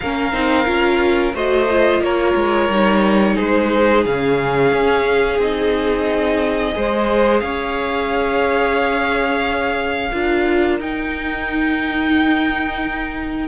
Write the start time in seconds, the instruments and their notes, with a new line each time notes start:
0.00 cello A#3, viola C#4, violin A#4 F5
0.32 cello C4, viola D#4
0.65 cello C#4, viola F4
1.33 cello A3, viola F#4, violin C5 D#5
1.70 viola F4
2.00 cello A#3, violin A#4 C#5
2.35 cello G#3
2.68 cello G3, viola D#4
3.34 cello G#3, violin G#4 C5
4.05 cello C#3, viola C#4, violin F5
4.72 cello C#4
5.38 cello C4, viola D#4, violin D#5
6.72 cello G#3, viola G#4, violin C5
7.39 cello C#4, violin C#5 F5
10.11 cello D4, viola F4, violin A#4
10.79 cello D#4, viola D#4, violin G5